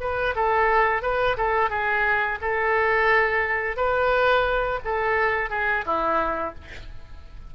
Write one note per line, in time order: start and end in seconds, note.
0.00 0.34 B4
0.35 1.02 A4
1.02 1.37 B4
1.37 1.70 A4
1.70 2.39 G#4
2.41 3.76 A4
3.76 4.80 B4
4.85 5.50 A4
5.50 5.84 G#4
5.86 6.55 E4